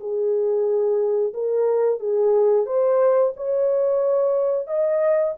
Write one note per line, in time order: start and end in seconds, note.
0.00 1.33 G#4
1.34 2.00 A#4
2.00 2.66 G#4
2.66 3.33 C5
3.37 4.67 C#5
4.67 5.34 D#5